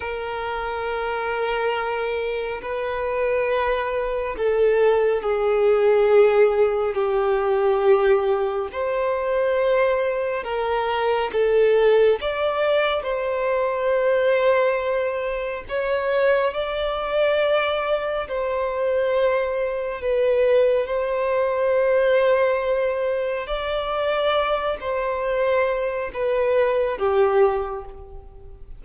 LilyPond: \new Staff \with { instrumentName = "violin" } { \time 4/4 \tempo 4 = 69 ais'2. b'4~ | b'4 a'4 gis'2 | g'2 c''2 | ais'4 a'4 d''4 c''4~ |
c''2 cis''4 d''4~ | d''4 c''2 b'4 | c''2. d''4~ | d''8 c''4. b'4 g'4 | }